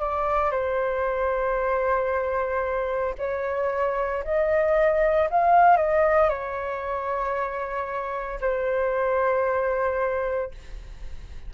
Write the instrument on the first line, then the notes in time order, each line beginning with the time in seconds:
flute
0.00 D5
0.51 C5
3.19 C#5
4.24 D#5
5.30 F5
5.77 D#5
6.29 C#5
8.41 C5